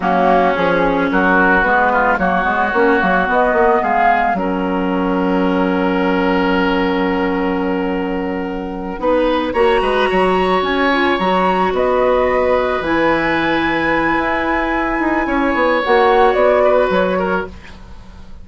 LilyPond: <<
  \new Staff \with { instrumentName = "flute" } { \time 4/4 \tempo 4 = 110 fis'4 gis'4 ais'4 b'4 | cis''2 dis''4 f''4 | fis''1~ | fis''1~ |
fis''4. ais''2 gis''8~ | gis''8 ais''4 dis''2 gis''8~ | gis''1~ | gis''4 fis''4 d''4 cis''4 | }
  \new Staff \with { instrumentName = "oboe" } { \time 4/4 cis'2 fis'4. f'8 | fis'2. gis'4 | ais'1~ | ais'1~ |
ais'8 b'4 cis''8 b'8 cis''4.~ | cis''4. b'2~ b'8~ | b'1 | cis''2~ cis''8 b'4 ais'8 | }
  \new Staff \with { instrumentName = "clarinet" } { \time 4/4 ais4 cis'2 b4 | ais8 b8 cis'8 ais8 b2 | cis'1~ | cis'1~ |
cis'8 dis'4 fis'2~ fis'8 | f'8 fis'2. e'8~ | e'1~ | e'4 fis'2. | }
  \new Staff \with { instrumentName = "bassoon" } { \time 4/4 fis4 f4 fis4 gis4 | fis8 gis8 ais8 fis8 b8 ais8 gis4 | fis1~ | fis1~ |
fis8 b4 ais8 gis8 fis4 cis'8~ | cis'8 fis4 b2 e8~ | e2 e'4. dis'8 | cis'8 b8 ais4 b4 fis4 | }
>>